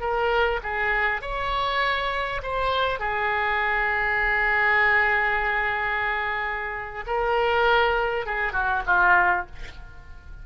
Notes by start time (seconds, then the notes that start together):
0.00 A#4
0.63 G#4
1.21 C#5
2.42 C5
2.99 G#4
7.06 A#4
8.25 G#4
8.52 F#4
8.86 F4